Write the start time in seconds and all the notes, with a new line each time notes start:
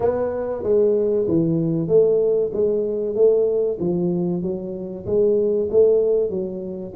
0.00 B3
0.63 G#3
1.27 E3
1.88 A3
2.53 G#3
3.15 A3
3.79 F3
4.42 F#3
5.06 G#3
5.70 A3
6.30 F#3